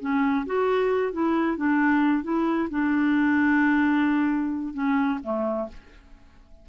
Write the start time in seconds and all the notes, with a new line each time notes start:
0.00 C#4
0.46 F#4
1.12 E4
1.56 D4
2.23 E4
2.70 D4
4.74 C#4
5.23 A3